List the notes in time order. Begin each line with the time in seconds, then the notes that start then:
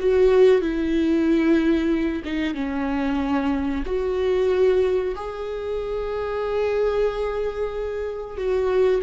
0.00 F#4
0.62 E4
2.25 D#4
2.55 C#4
3.86 F#4
5.16 G#4
8.38 F#4